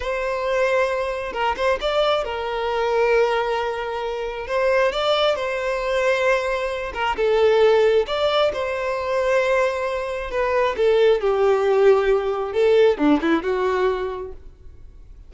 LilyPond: \new Staff \with { instrumentName = "violin" } { \time 4/4 \tempo 4 = 134 c''2. ais'8 c''8 | d''4 ais'2.~ | ais'2 c''4 d''4 | c''2.~ c''8 ais'8 |
a'2 d''4 c''4~ | c''2. b'4 | a'4 g'2. | a'4 d'8 e'8 fis'2 | }